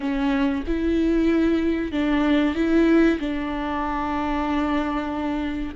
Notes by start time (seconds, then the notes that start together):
0.00 C#4
0.66 E4
1.91 D4
2.55 E4
3.19 D4